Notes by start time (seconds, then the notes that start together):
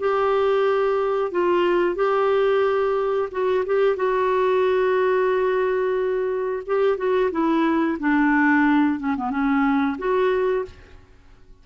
0.00 G4
1.32 F4
1.96 G4
3.32 F#4
3.66 G4
3.97 F#4
6.67 G4
6.98 F#4
7.32 E4
8.00 D4
9.00 C#4
9.17 B3
9.31 C#4
9.98 F#4